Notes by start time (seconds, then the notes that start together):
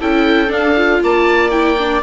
0.00 C#4 E4 A4 G5
0.48 D4 F5
0.77 F4
1.03 A#3 D5 A5
1.51 E4 G5
1.78 D4